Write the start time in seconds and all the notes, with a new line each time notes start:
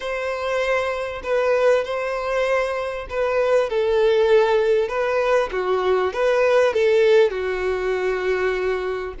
0.00 C5
1.23 B4
1.84 C5
3.09 B4
3.69 A4
4.88 B4
5.52 F#4
6.13 B4
6.73 A4
7.30 F#4